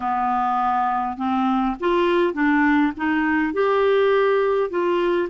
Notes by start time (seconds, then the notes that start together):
0.00 B3
1.17 C4
1.79 F4
2.33 D4
2.96 D#4
3.53 G4
4.70 F4